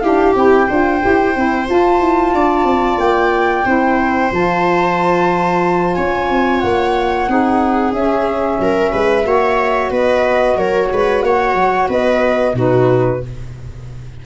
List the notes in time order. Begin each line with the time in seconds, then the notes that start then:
0.00 D4 E4 G4 F5
0.35 C4 E4 G5
0.67 D4 F4 C5
1.00 E4 G4
1.35 C4 E4
1.66 F4 A5
2.00 E4
2.34 D4 D5
2.64 C4
2.98 A#3 G5
3.64 C4 E4 C5
4.31 F3 F4 A5
5.94 C#4 C#5 G#5
6.30 C4
6.60 A#3 F#5
7.27 C4 D#4 G#4
7.92 C#4 E5
8.59 F#3 A#4
8.93 G#3 B4
9.23 A#3 F#4 C#5
9.90 B3 B4 D#5
10.57 F#3 A#4 C#5
10.92 G#3 B4
11.22 A#3 C#5 F#5
11.54 F#3
11.88 B3 B4 D#5
12.54 B2 D#4 F#4 B4